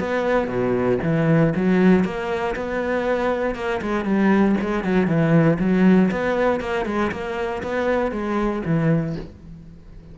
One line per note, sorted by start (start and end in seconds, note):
0.00 0.48 B3
0.48 0.99 B2
1.03 1.54 E3
1.56 2.05 F#3
2.05 2.56 A#3
2.56 3.56 B3
3.56 3.81 A#3
3.82 4.05 G#3
4.05 4.56 G3
4.61 4.84 G#3
4.84 5.08 F#3
5.08 5.58 E3
5.60 6.11 F#3
6.12 6.61 B3
6.61 6.86 A#3
6.86 7.12 G#3
7.12 7.63 A#3
7.63 8.12 B3
8.12 8.63 G#3
8.66 9.17 E3